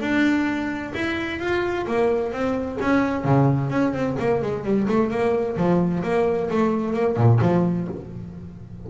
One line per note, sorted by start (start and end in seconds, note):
0.00 0.92 D4
0.94 1.39 E4
1.39 1.85 F4
1.86 2.32 A#3
2.32 2.78 C4
2.80 3.24 C#4
3.24 3.70 C#3
3.70 3.93 C#4
3.93 4.16 C4
4.18 4.41 A#3
4.42 4.63 G#3
4.63 4.87 G3
4.87 5.10 A3
5.10 5.56 A#3
5.56 6.02 F3
6.03 6.49 A#3
6.50 6.93 A3
6.93 7.16 A#3
7.16 7.39 A#2
7.41 7.88 F3